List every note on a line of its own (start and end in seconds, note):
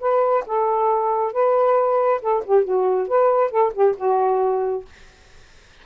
0.00 0.44 B4
0.46 1.33 A4
1.33 2.21 B4
2.21 2.43 A4
2.45 2.64 G4
2.64 3.08 F#4
3.08 3.51 B4
3.51 3.73 A4
3.73 3.95 G4
3.97 4.85 F#4